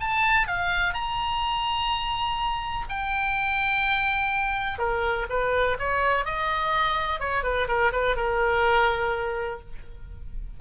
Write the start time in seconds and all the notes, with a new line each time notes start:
0.00 A5
0.47 F5
0.94 A#5
2.88 G5
4.78 A#4
5.29 B4
5.79 C#5
6.25 D#5
7.20 C#5
7.43 B4
7.67 A#4
7.92 B4
8.16 A#4